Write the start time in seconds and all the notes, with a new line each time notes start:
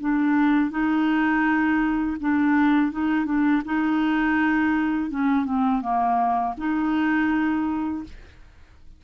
0.00 D4
0.71 D#4
2.20 D4
2.92 D#4
3.25 D4
3.65 D#4
5.10 C#4
5.45 C4
5.81 A#3
6.57 D#4